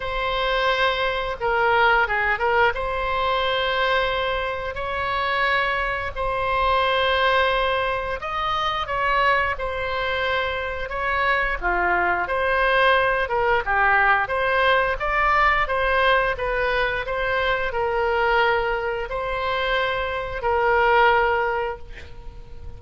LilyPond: \new Staff \with { instrumentName = "oboe" } { \time 4/4 \tempo 4 = 88 c''2 ais'4 gis'8 ais'8 | c''2. cis''4~ | cis''4 c''2. | dis''4 cis''4 c''2 |
cis''4 f'4 c''4. ais'8 | g'4 c''4 d''4 c''4 | b'4 c''4 ais'2 | c''2 ais'2 | }